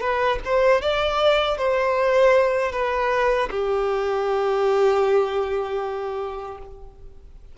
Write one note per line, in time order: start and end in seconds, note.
0.00 0.38 B4
0.44 0.81 C5
0.81 1.58 D5
1.58 2.72 C5
2.72 3.49 B4
3.50 6.58 G4